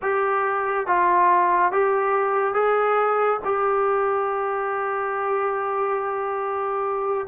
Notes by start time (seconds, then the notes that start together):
0.02 G4
0.86 F4
1.72 G4
2.54 G#4
3.44 G4